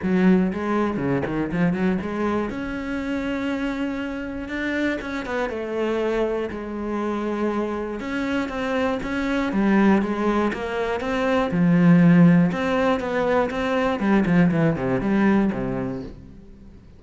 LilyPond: \new Staff \with { instrumentName = "cello" } { \time 4/4 \tempo 4 = 120 fis4 gis4 cis8 dis8 f8 fis8 | gis4 cis'2.~ | cis'4 d'4 cis'8 b8 a4~ | a4 gis2. |
cis'4 c'4 cis'4 g4 | gis4 ais4 c'4 f4~ | f4 c'4 b4 c'4 | g8 f8 e8 c8 g4 c4 | }